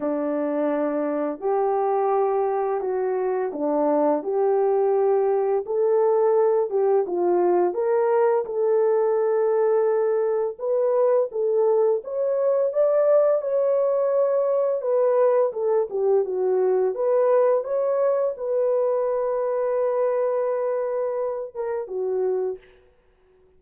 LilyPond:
\new Staff \with { instrumentName = "horn" } { \time 4/4 \tempo 4 = 85 d'2 g'2 | fis'4 d'4 g'2 | a'4. g'8 f'4 ais'4 | a'2. b'4 |
a'4 cis''4 d''4 cis''4~ | cis''4 b'4 a'8 g'8 fis'4 | b'4 cis''4 b'2~ | b'2~ b'8 ais'8 fis'4 | }